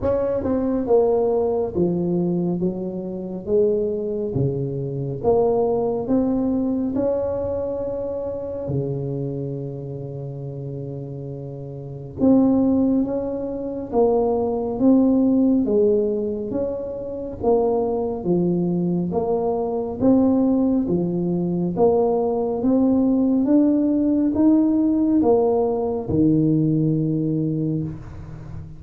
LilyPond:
\new Staff \with { instrumentName = "tuba" } { \time 4/4 \tempo 4 = 69 cis'8 c'8 ais4 f4 fis4 | gis4 cis4 ais4 c'4 | cis'2 cis2~ | cis2 c'4 cis'4 |
ais4 c'4 gis4 cis'4 | ais4 f4 ais4 c'4 | f4 ais4 c'4 d'4 | dis'4 ais4 dis2 | }